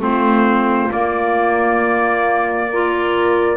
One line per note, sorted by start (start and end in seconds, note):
0.00 0.90 A3
0.00 0.90 C4
0.00 2.70 F4
0.00 0.92 C5
0.91 3.57 A#3
0.91 2.71 A#3
0.91 3.57 D5
2.70 3.57 F4
2.70 3.57 A#4